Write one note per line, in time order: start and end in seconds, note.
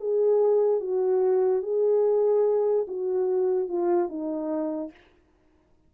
0.00 0.80 G#4
0.80 1.63 F#4
1.63 2.86 G#4
2.88 3.68 F#4
3.68 4.08 F4
4.08 4.91 D#4